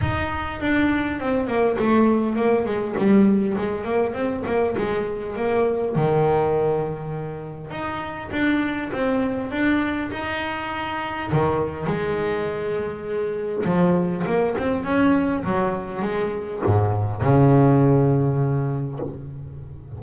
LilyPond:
\new Staff \with { instrumentName = "double bass" } { \time 4/4 \tempo 4 = 101 dis'4 d'4 c'8 ais8 a4 | ais8 gis8 g4 gis8 ais8 c'8 ais8 | gis4 ais4 dis2~ | dis4 dis'4 d'4 c'4 |
d'4 dis'2 dis4 | gis2. f4 | ais8 c'8 cis'4 fis4 gis4 | gis,4 cis2. | }